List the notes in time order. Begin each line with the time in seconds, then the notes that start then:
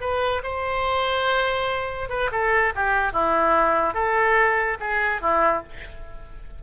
0.00 B4
0.43 C5
2.09 B4
2.31 A4
2.75 G4
3.12 E4
3.94 A4
4.80 G#4
5.21 E4